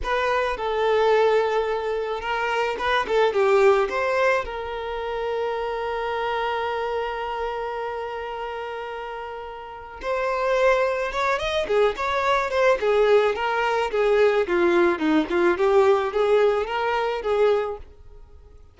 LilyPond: \new Staff \with { instrumentName = "violin" } { \time 4/4 \tempo 4 = 108 b'4 a'2. | ais'4 b'8 a'8 g'4 c''4 | ais'1~ | ais'1~ |
ais'2 c''2 | cis''8 dis''8 gis'8 cis''4 c''8 gis'4 | ais'4 gis'4 f'4 dis'8 f'8 | g'4 gis'4 ais'4 gis'4 | }